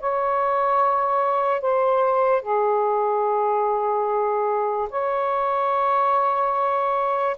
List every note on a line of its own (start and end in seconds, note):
0.00 1.61 C#5
1.61 2.42 C5
2.42 4.89 G#4
4.90 7.36 C#5